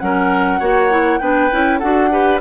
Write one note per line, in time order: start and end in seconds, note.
0.00 0.60 F#3
0.00 0.61 C#4
0.00 0.60 A#4
0.00 1.19 F#5
0.60 1.21 A#3
0.60 0.91 F#4
0.60 1.20 C#5
0.91 1.21 E4
1.19 1.51 B3
1.19 1.51 D4
1.19 1.79 B4
1.19 1.79 G5
1.51 1.82 C#4
1.51 1.81 E4
1.79 2.42 D4
1.79 2.11 F#4
1.79 2.10 A4
1.79 2.39 F#5
2.11 2.41 G4
2.11 2.42 B4